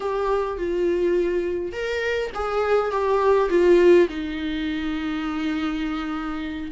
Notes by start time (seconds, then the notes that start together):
0.00 G4
0.57 F4
1.72 A#4
2.34 G#4
2.91 G4
3.49 F4
4.09 D#4